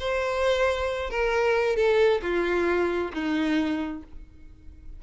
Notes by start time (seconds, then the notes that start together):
0.00 C5
1.11 A#4
1.77 A4
2.22 F4
3.14 D#4